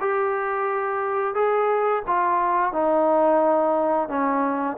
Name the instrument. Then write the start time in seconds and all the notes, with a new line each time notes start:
trombone
0.00 G4
1.35 G#4
2.07 F4
2.72 D#4
4.08 C#4